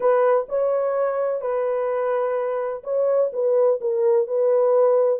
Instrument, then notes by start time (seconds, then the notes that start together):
horn
0.00 B4
0.49 C#5
1.41 B4
2.83 C#5
3.32 B4
3.81 A#4
4.27 B4